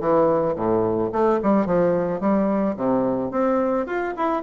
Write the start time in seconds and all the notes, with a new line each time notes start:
0.00 E3
0.55 A2
1.12 A3
1.42 G3
1.65 F3
2.20 G3
2.76 C3
3.31 C4
3.86 F4
4.17 E4